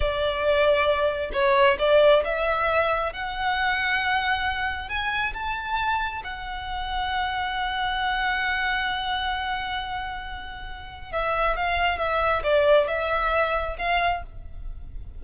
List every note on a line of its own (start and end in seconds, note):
0.00 1.30 D5
1.33 1.77 C#5
1.78 2.23 D5
2.24 3.12 E5
3.12 4.88 F#5
4.88 5.33 G#5
5.33 6.22 A5
6.24 11.12 F#5
11.12 11.56 E5
11.56 11.98 F5
11.98 12.42 E5
12.43 12.87 D5
12.87 13.76 E5
13.78 14.22 F5